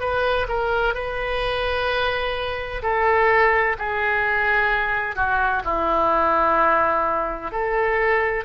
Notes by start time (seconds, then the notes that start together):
0.00 B4
0.48 A#4
0.95 B4
2.83 A4
3.78 G#4
5.16 F#4
5.65 E4
7.52 A4